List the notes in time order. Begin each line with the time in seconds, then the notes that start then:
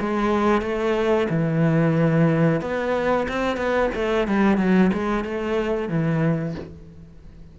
0.00 G#3
0.61 A3
1.29 E3
2.61 B3
3.28 C4
3.57 B3
3.94 A3
4.27 G3
4.58 F#3
4.93 G#3
5.24 A3
5.89 E3